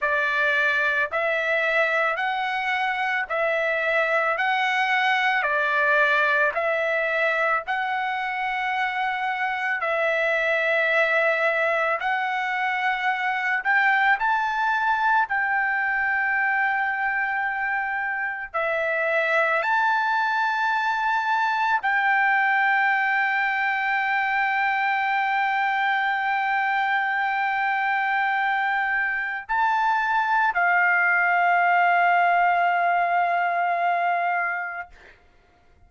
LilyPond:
\new Staff \with { instrumentName = "trumpet" } { \time 4/4 \tempo 4 = 55 d''4 e''4 fis''4 e''4 | fis''4 d''4 e''4 fis''4~ | fis''4 e''2 fis''4~ | fis''8 g''8 a''4 g''2~ |
g''4 e''4 a''2 | g''1~ | g''2. a''4 | f''1 | }